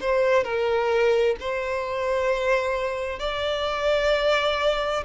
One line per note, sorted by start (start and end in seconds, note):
0.00 0.44 C5
0.44 1.36 A#4
1.40 3.19 C5
3.19 5.04 D5